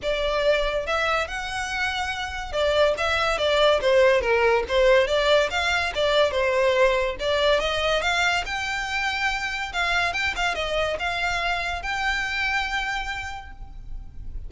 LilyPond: \new Staff \with { instrumentName = "violin" } { \time 4/4 \tempo 4 = 142 d''2 e''4 fis''4~ | fis''2 d''4 e''4 | d''4 c''4 ais'4 c''4 | d''4 f''4 d''4 c''4~ |
c''4 d''4 dis''4 f''4 | g''2. f''4 | g''8 f''8 dis''4 f''2 | g''1 | }